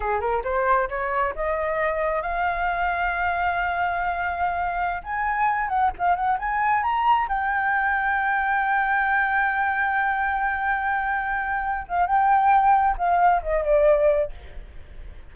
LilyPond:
\new Staff \with { instrumentName = "flute" } { \time 4/4 \tempo 4 = 134 gis'8 ais'8 c''4 cis''4 dis''4~ | dis''4 f''2.~ | f''2.~ f''16 gis''8.~ | gis''8. fis''8 f''8 fis''8 gis''4 ais''8.~ |
ais''16 g''2.~ g''8.~ | g''1~ | g''2~ g''8 f''8 g''4~ | g''4 f''4 dis''8 d''4. | }